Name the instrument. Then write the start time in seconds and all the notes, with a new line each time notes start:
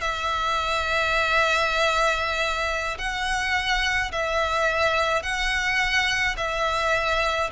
violin
0.00 E5
2.98 F#5
4.11 E5
5.22 F#5
6.37 E5